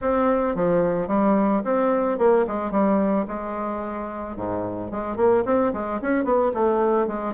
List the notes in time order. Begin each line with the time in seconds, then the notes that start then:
0.01 C4
0.55 F3
1.07 G3
1.64 C4
2.18 A#3
2.47 G#3
2.71 G3
3.27 G#3
4.36 G#2
4.91 G#3
5.16 A#3
5.45 C4
5.73 G#3
6.01 C#4
6.24 B3
6.54 A3
7.07 G#3